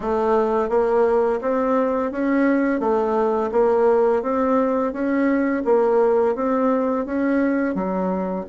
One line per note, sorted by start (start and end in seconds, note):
0.00 0.69 A3
0.69 1.40 A#3
1.41 2.11 C4
2.11 2.79 C#4
2.79 3.50 A3
3.51 4.22 A#3
4.22 4.92 C4
4.92 5.63 C#4
5.64 6.35 A#3
6.35 7.05 C4
7.05 7.74 C#4
7.74 8.45 F#3